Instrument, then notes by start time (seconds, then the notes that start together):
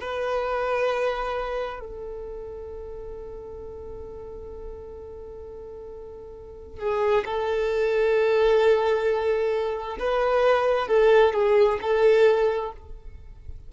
violin
0.00 B4
1.80 A4
6.79 G#4
7.25 A4
9.99 B4
10.88 A4
11.33 G#4
11.81 A4